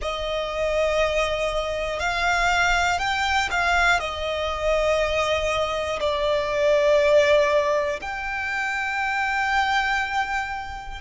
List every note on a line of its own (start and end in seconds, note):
0.01 1.99 D#5
1.99 2.98 F5
2.98 3.48 G5
3.50 3.99 F5
3.99 5.99 D#5
6.00 8.00 D5
8.01 11.00 G5